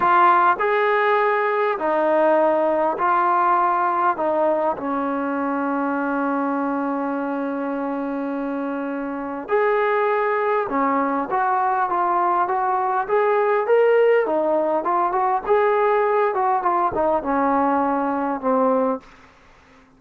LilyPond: \new Staff \with { instrumentName = "trombone" } { \time 4/4 \tempo 4 = 101 f'4 gis'2 dis'4~ | dis'4 f'2 dis'4 | cis'1~ | cis'1 |
gis'2 cis'4 fis'4 | f'4 fis'4 gis'4 ais'4 | dis'4 f'8 fis'8 gis'4. fis'8 | f'8 dis'8 cis'2 c'4 | }